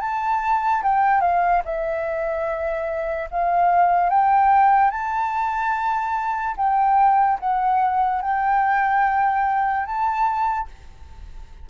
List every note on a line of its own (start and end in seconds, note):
0.00 0.82 A5
0.83 1.21 G5
1.21 1.62 F5
1.64 3.29 E5
3.30 4.09 F5
4.09 4.91 G5
4.91 6.55 A5
6.56 7.39 G5
7.39 8.22 F#5
8.22 9.86 G5
9.86 10.68 A5